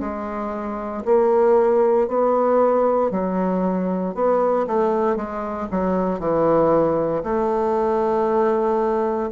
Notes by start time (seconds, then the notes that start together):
0.00 G#3
1.05 A#3
2.07 B3
3.11 F#3
4.14 B3
4.67 A3
5.16 G#3
5.71 F#3
6.19 E3
7.23 A3